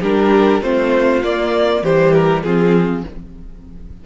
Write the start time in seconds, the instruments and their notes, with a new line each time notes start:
0.00 cello G3, viola D4, violin G4 A#4
0.61 cello A3, viola C4, violin F4 C5
1.23 cello A#3, viola A#3, violin D5
1.82 cello E3, viola G3, violin G4 C5
2.14 violin A#4
2.43 cello F3, viola C4, violin F4 G#4